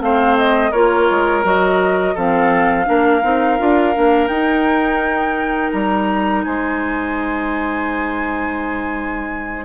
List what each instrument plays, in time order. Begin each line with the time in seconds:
0.00 bassoon A3, clarinet C4, oboe C5, flute F5
0.37 flute D#5
0.71 bassoon A#3, clarinet F4, oboe A#4, flute C#5
1.10 bassoon G#3
1.43 bassoon F#3, clarinet F#4, flute D#5
2.14 bassoon F3, clarinet C4, oboe A4, flute F5
2.85 bassoon A#3, clarinet D4, oboe A#4
3.23 bassoon C4, clarinet D#4
3.58 bassoon D4, clarinet F4
3.94 bassoon A#3, clarinet D4
4.27 bassoon D#4, clarinet D#4, flute G5
5.71 bassoon G3, flute A#5
6.44 bassoon G#3, oboe C5, flute G#5